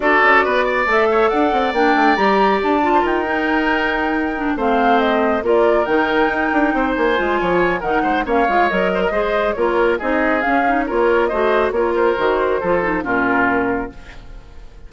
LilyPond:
<<
  \new Staff \with { instrumentName = "flute" } { \time 4/4 \tempo 4 = 138 d''2 e''4 fis''4 | g''4 ais''4 a''4 g''4~ | g''2~ g''8 f''4 dis''8~ | dis''8 d''4 g''2~ g''8 |
gis''2 fis''4 f''4 | dis''2 cis''4 dis''4 | f''4 cis''4 dis''4 cis''8 c''8~ | c''2 ais'2 | }
  \new Staff \with { instrumentName = "oboe" } { \time 4/4 a'4 b'8 d''4 cis''8 d''4~ | d''2~ d''8. c''16 ais'4~ | ais'2~ ais'8 c''4.~ | c''8 ais'2. c''8~ |
c''4 cis''4 ais'8 c''8 cis''4~ | cis''8 c''16 ais'16 c''4 ais'4 gis'4~ | gis'4 ais'4 c''4 ais'4~ | ais'4 a'4 f'2 | }
  \new Staff \with { instrumentName = "clarinet" } { \time 4/4 fis'2 a'2 | d'4 g'4. f'4 dis'8~ | dis'2 d'8 c'4.~ | c'8 f'4 dis'2~ dis'8~ |
dis'8 f'4. dis'4 cis'8 f'8 | ais'4 gis'4 f'4 dis'4 | cis'8 dis'8 f'4 fis'4 f'4 | fis'4 f'8 dis'8 cis'2 | }
  \new Staff \with { instrumentName = "bassoon" } { \time 4/4 d'8 cis'8 b4 a4 d'8 c'8 | ais8 a8 g4 d'4 dis'4~ | dis'2~ dis'8 a4.~ | a8 ais4 dis4 dis'8 d'8 c'8 |
ais8 gis8 f4 dis8 gis8 ais8 gis8 | fis4 gis4 ais4 c'4 | cis'4 ais4 a4 ais4 | dis4 f4 ais,2 | }
>>